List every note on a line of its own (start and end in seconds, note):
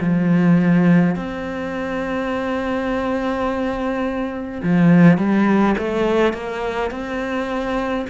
0.00 1.15 F3
1.15 4.62 C4
4.62 5.17 F3
5.17 5.75 G3
5.77 6.33 A3
6.33 6.90 A#3
6.90 8.06 C4